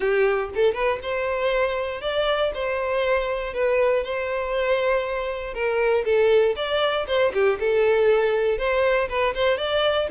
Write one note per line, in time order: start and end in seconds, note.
0.00 0.50 G4
0.54 0.74 A4
0.74 0.99 B4
1.02 2.01 C5
2.01 2.51 D5
2.54 3.53 C5
3.53 4.03 B4
4.03 5.53 C5
5.53 6.04 A#4
6.04 6.55 A4
6.55 7.06 D5
7.07 7.32 C5
7.33 7.58 G4
7.59 8.58 A4
8.58 9.08 C5
9.08 9.34 B4
9.34 9.57 C5
9.57 10.07 D5